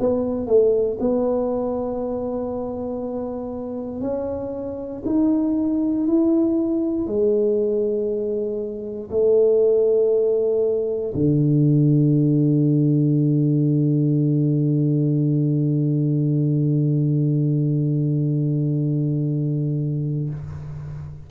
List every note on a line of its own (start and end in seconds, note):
0.00 0.47 B3
0.47 0.98 A3
1.00 4.01 B3
4.01 5.03 C#4
5.06 6.07 D#4
6.07 7.07 E4
7.07 9.11 G#3
9.11 11.14 A3
11.15 20.30 D3